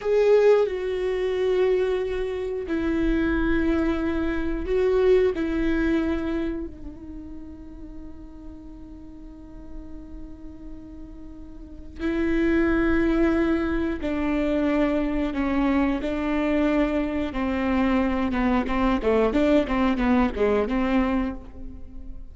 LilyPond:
\new Staff \with { instrumentName = "viola" } { \time 4/4 \tempo 4 = 90 gis'4 fis'2. | e'2. fis'4 | e'2 dis'2~ | dis'1~ |
dis'2 e'2~ | e'4 d'2 cis'4 | d'2 c'4. b8 | c'8 a8 d'8 c'8 b8 gis8 c'4 | }